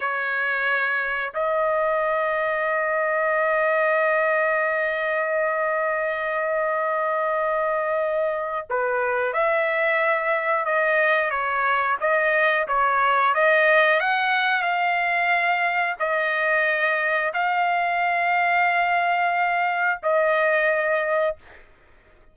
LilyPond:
\new Staff \with { instrumentName = "trumpet" } { \time 4/4 \tempo 4 = 90 cis''2 dis''2~ | dis''1~ | dis''1~ | dis''4 b'4 e''2 |
dis''4 cis''4 dis''4 cis''4 | dis''4 fis''4 f''2 | dis''2 f''2~ | f''2 dis''2 | }